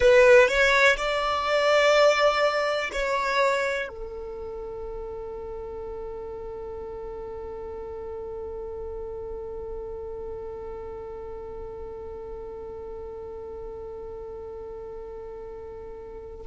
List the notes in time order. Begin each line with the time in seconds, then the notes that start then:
0.00 B4
0.48 C#5
0.96 D5
2.92 C#5
3.88 A4